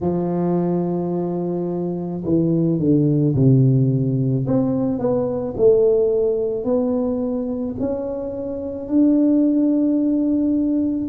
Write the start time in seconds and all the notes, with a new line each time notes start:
0.01 F3
2.24 E3
2.79 D3
3.35 C3
4.46 C4
4.98 B3
5.57 A3
6.64 B3
7.79 C#4
8.88 D4